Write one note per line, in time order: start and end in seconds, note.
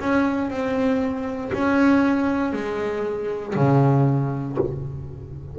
0.00 0.50 C#4
0.50 1.52 C4
1.53 2.53 C#4
2.53 3.55 G#3
3.56 4.58 C#3